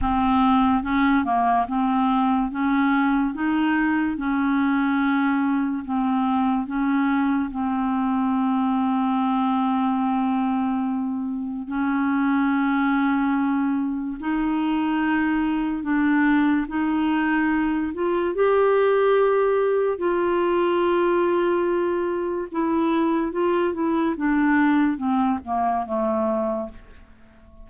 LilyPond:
\new Staff \with { instrumentName = "clarinet" } { \time 4/4 \tempo 4 = 72 c'4 cis'8 ais8 c'4 cis'4 | dis'4 cis'2 c'4 | cis'4 c'2.~ | c'2 cis'2~ |
cis'4 dis'2 d'4 | dis'4. f'8 g'2 | f'2. e'4 | f'8 e'8 d'4 c'8 ais8 a4 | }